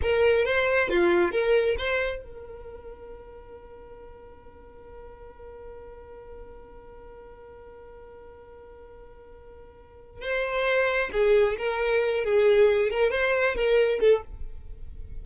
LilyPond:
\new Staff \with { instrumentName = "violin" } { \time 4/4 \tempo 4 = 135 ais'4 c''4 f'4 ais'4 | c''4 ais'2.~ | ais'1~ | ais'1~ |
ais'1~ | ais'2. c''4~ | c''4 gis'4 ais'4. gis'8~ | gis'4 ais'8 c''4 ais'4 a'8 | }